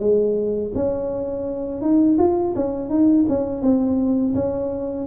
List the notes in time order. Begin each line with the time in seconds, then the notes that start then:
0.00 G#3
0.75 C#4
1.82 D#4
2.19 F4
2.56 C#4
2.90 D#4
3.29 C#4
3.62 C4
4.35 C#4